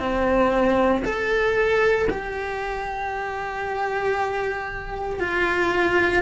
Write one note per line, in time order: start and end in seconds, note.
0.00 1.03 C4
1.05 2.08 A4
2.10 5.20 G4
5.20 6.23 F4